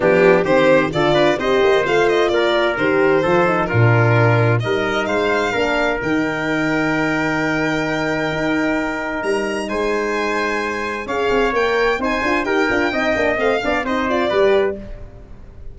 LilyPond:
<<
  \new Staff \with { instrumentName = "violin" } { \time 4/4 \tempo 4 = 130 g'4 c''4 d''4 dis''4 | f''8 dis''8 d''4 c''2 | ais'2 dis''4 f''4~ | f''4 g''2.~ |
g''1 | ais''4 gis''2. | f''4 g''4 gis''4 g''4~ | g''4 f''4 dis''8 d''4. | }
  \new Staff \with { instrumentName = "trumpet" } { \time 4/4 d'4 g'4 a'8 b'8 c''4~ | c''4 ais'2 a'4 | f'2 ais'4 c''4 | ais'1~ |
ais'1~ | ais'4 c''2. | cis''2 c''4 ais'4 | dis''4. d''8 c''4 b'4 | }
  \new Staff \with { instrumentName = "horn" } { \time 4/4 b4 c'4 f'4 g'4 | f'2 g'4 f'8 dis'8 | d'2 dis'2 | d'4 dis'2.~ |
dis'1~ | dis'1 | gis'4 ais'4 dis'8 f'8 g'8 f'8 | dis'8 d'8 c'8 d'8 dis'8 f'8 g'4 | }
  \new Staff \with { instrumentName = "tuba" } { \time 4/4 f4 dis4 d8 d'8 c'8 ais8 | a4 ais4 dis4 f4 | ais,2 g4 gis4 | ais4 dis2.~ |
dis2 dis'2 | g4 gis2. | cis'8 c'8 ais4 c'8 d'8 dis'8 d'8 | c'8 ais8 a8 b8 c'4 g4 | }
>>